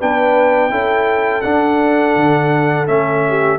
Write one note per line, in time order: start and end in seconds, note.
0.00 0.71 B3
0.00 0.71 D4
0.00 0.72 B4
0.00 1.42 G5
0.71 1.43 C#4
0.71 1.43 E4
0.71 3.25 A4
1.42 2.87 D4
1.42 2.16 D4
1.42 2.87 F#5
2.16 2.88 D3
2.87 3.59 A3
2.87 3.59 C#4
2.87 3.59 E5
3.29 3.59 G4